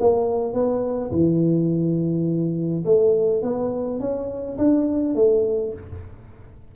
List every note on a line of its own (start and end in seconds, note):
0.00 0.53 A#3
0.53 1.11 B3
1.12 2.85 E3
2.85 3.42 A3
3.42 4.00 B3
4.00 4.58 C#4
4.58 5.15 D4
5.15 5.73 A3